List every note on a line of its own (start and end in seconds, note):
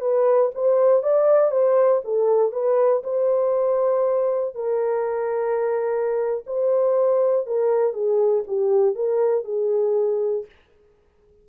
0.00 0.51 B4
0.54 1.02 C5
1.02 1.51 D5
1.51 2.01 C5
2.04 2.52 A4
2.52 3.02 B4
3.03 4.54 C5
4.54 6.44 A#4
6.46 7.46 C5
7.46 7.93 A#4
7.93 8.43 G#4
8.47 8.95 G4
8.95 9.44 A#4
9.44 10.45 G#4